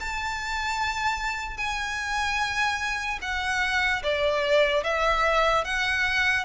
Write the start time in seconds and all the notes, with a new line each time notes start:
0.00 A5
1.57 G#5
3.21 F#5
4.03 D5
4.84 E5
5.65 F#5